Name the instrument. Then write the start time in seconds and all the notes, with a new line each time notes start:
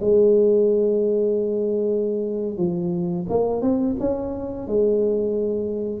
tuba
0.00 G#3
2.56 F3
3.29 A#3
3.61 C4
3.99 C#4
4.67 G#3